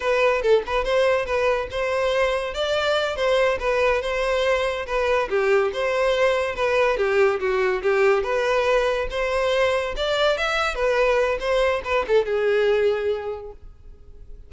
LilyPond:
\new Staff \with { instrumentName = "violin" } { \time 4/4 \tempo 4 = 142 b'4 a'8 b'8 c''4 b'4 | c''2 d''4. c''8~ | c''8 b'4 c''2 b'8~ | b'8 g'4 c''2 b'8~ |
b'8 g'4 fis'4 g'4 b'8~ | b'4. c''2 d''8~ | d''8 e''4 b'4. c''4 | b'8 a'8 gis'2. | }